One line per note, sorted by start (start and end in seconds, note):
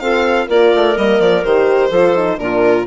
0.00 0.48 C4
0.00 0.49 F4
0.00 0.47 A4
0.00 0.48 F5
0.47 0.73 A#3
0.47 0.96 F4
0.47 1.90 A#4
0.47 0.98 D5
0.75 0.97 A3
0.96 1.20 G3
0.96 1.43 A#3
0.96 1.21 D#5
1.20 1.43 F3
1.20 1.44 D5
1.44 1.91 D#3
1.44 1.93 G4
1.44 2.39 C5
1.90 2.38 F3
1.90 2.15 F4
1.90 2.37 A4
2.15 2.38 D#4
2.38 2.87 A#2
2.38 2.85 D4
2.38 2.87 F4
2.38 2.87 A#4